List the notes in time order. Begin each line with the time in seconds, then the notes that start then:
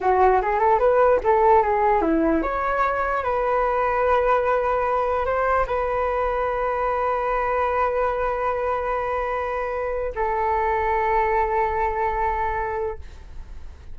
0.00 F#4
0.41 G#4
0.59 A4
0.79 B4
1.23 A4
1.62 G#4
2.01 E4
2.42 C#5
3.23 B4
5.25 C5
5.66 B4
10.15 A4